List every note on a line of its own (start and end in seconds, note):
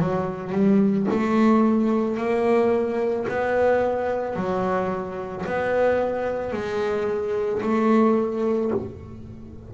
0.00 0.53 F#3
0.53 1.07 G3
1.11 2.18 A3
2.18 3.27 A#3
3.29 4.36 B3
4.36 5.45 F#3
5.46 6.53 B3
6.53 7.62 G#3
7.63 8.72 A3